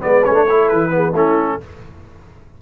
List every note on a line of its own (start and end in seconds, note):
0.00 0.26 G#3
0.00 0.22 B3
0.00 0.45 B4
0.00 0.24 D5
0.24 0.72 A3
0.24 0.34 C#4
0.24 0.68 C#5
0.34 0.45 D4
0.46 0.90 E4
0.46 0.90 A4
0.68 1.13 E3
0.68 1.13 B4
0.90 1.12 B3
0.90 1.13 G#4
1.13 1.58 A3
1.13 1.60 C#4
1.13 1.58 E4
1.13 1.62 A4